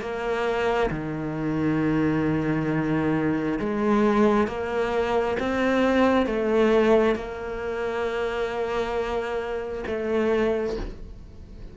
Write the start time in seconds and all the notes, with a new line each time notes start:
0.00 A#3
0.90 D#3
3.59 G#3
4.47 A#3
5.39 C4
6.26 A3
7.15 A#3
9.86 A3